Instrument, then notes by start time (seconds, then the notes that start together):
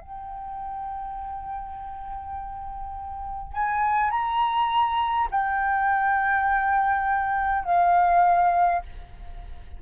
flute
0.00 G5
3.53 G#5
4.10 A#5
5.31 G5
7.64 F5